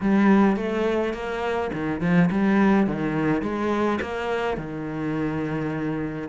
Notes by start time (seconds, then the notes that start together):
0.01 G3
0.56 A3
1.13 A#3
1.73 D#3
2.01 F3
2.30 G3
2.86 D#3
3.42 G#3
4.01 A#3
4.57 D#3